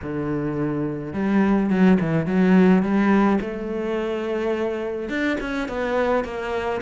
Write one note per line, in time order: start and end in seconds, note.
0.02 1.13 D3
1.13 1.70 G3
1.70 1.98 F#3
2.00 2.26 E3
2.26 2.82 F#3
2.82 3.39 G3
3.40 5.09 A3
5.09 5.37 D4
5.40 5.68 C#4
5.68 6.24 B3
6.24 6.81 A#3